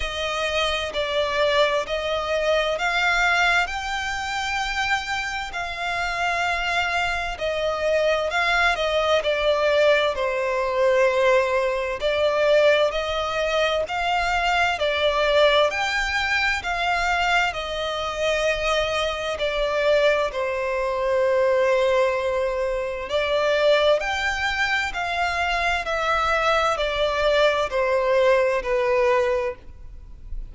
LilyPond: \new Staff \with { instrumentName = "violin" } { \time 4/4 \tempo 4 = 65 dis''4 d''4 dis''4 f''4 | g''2 f''2 | dis''4 f''8 dis''8 d''4 c''4~ | c''4 d''4 dis''4 f''4 |
d''4 g''4 f''4 dis''4~ | dis''4 d''4 c''2~ | c''4 d''4 g''4 f''4 | e''4 d''4 c''4 b'4 | }